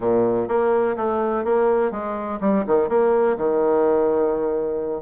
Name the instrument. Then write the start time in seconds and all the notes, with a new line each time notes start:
bassoon
0.00 A#2
0.48 A#3
0.96 A3
1.44 A#3
1.91 G#3
2.40 G3
2.66 D#3
2.88 A#3
3.37 D#3